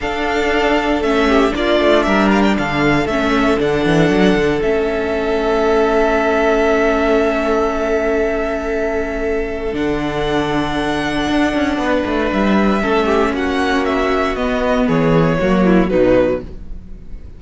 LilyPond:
<<
  \new Staff \with { instrumentName = "violin" } { \time 4/4 \tempo 4 = 117 f''2 e''4 d''4 | e''8 f''16 g''16 f''4 e''4 fis''4~ | fis''4 e''2.~ | e''1~ |
e''2. fis''4~ | fis''1 | e''2 fis''4 e''4 | dis''4 cis''2 b'4 | }
  \new Staff \with { instrumentName = "violin" } { \time 4/4 a'2~ a'8 g'8 f'4 | ais'4 a'2.~ | a'1~ | a'1~ |
a'1~ | a'2. b'4~ | b'4 a'8 g'8 fis'2~ | fis'4 gis'4 fis'8 e'8 dis'4 | }
  \new Staff \with { instrumentName = "viola" } { \time 4/4 d'2 cis'4 d'4~ | d'2 cis'4 d'4~ | d'4 cis'2.~ | cis'1~ |
cis'2. d'4~ | d'1~ | d'4 cis'2. | b2 ais4 fis4 | }
  \new Staff \with { instrumentName = "cello" } { \time 4/4 d'2 a4 ais8 a8 | g4 d4 a4 d8 e8 | fis8 d8 a2.~ | a1~ |
a2. d4~ | d2 d'8 cis'8 b8 a8 | g4 a4 ais2 | b4 e4 fis4 b,4 | }
>>